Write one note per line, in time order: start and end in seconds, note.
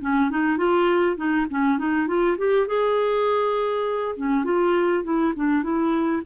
0.00 0.30 C#4
0.30 0.57 D#4
0.57 1.16 F4
1.16 1.46 D#4
1.50 1.78 C#4
1.78 2.07 D#4
2.07 2.37 F4
2.37 2.67 G4
2.67 4.15 G#4
4.16 4.44 C#4
4.44 5.03 F4
5.03 5.33 E4
5.35 5.62 D4
5.62 6.22 E4